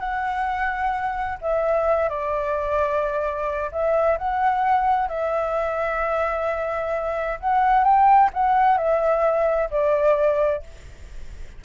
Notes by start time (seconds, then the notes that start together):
0.00 F#5
1.42 E5
2.10 D5
3.72 E5
4.18 F#5
5.09 E5
7.40 F#5
7.84 G5
8.34 F#5
8.78 E5
9.71 D5